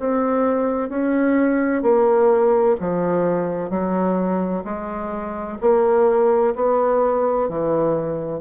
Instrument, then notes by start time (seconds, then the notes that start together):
bassoon
0.00 C4
0.89 C#4
1.83 A#3
2.80 F3
3.70 F#3
4.64 G#3
5.61 A#3
6.55 B3
7.49 E3